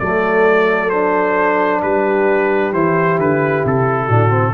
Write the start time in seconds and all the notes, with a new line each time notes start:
0.00 F#3 A3 A4 D5
0.90 D4 C5
1.82 G3 G4 B4
2.73 E3 E4 C5
3.19 D3 B4
3.65 C3 A4
4.05 A2 D4 F#4
4.30 C4